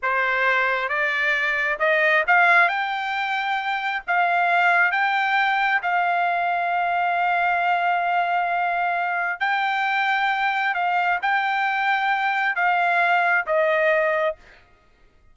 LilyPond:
\new Staff \with { instrumentName = "trumpet" } { \time 4/4 \tempo 4 = 134 c''2 d''2 | dis''4 f''4 g''2~ | g''4 f''2 g''4~ | g''4 f''2.~ |
f''1~ | f''4 g''2. | f''4 g''2. | f''2 dis''2 | }